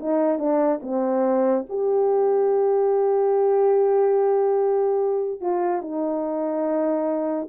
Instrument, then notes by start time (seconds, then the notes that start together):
horn
0.00 D#4
0.39 D4
0.83 C4
1.70 G4
5.41 F4
5.82 D#4